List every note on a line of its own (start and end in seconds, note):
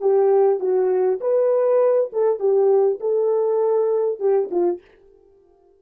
0.00 0.60 G4
0.60 1.20 F#4
1.21 2.11 B4
2.12 2.39 A4
2.39 2.99 G4
3.00 4.19 A4
4.19 4.49 G4
4.51 4.81 F4